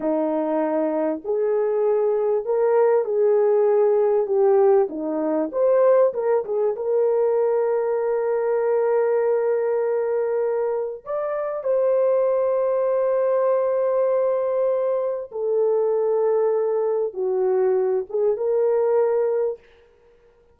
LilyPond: \new Staff \with { instrumentName = "horn" } { \time 4/4 \tempo 4 = 98 dis'2 gis'2 | ais'4 gis'2 g'4 | dis'4 c''4 ais'8 gis'8 ais'4~ | ais'1~ |
ais'2 d''4 c''4~ | c''1~ | c''4 a'2. | fis'4. gis'8 ais'2 | }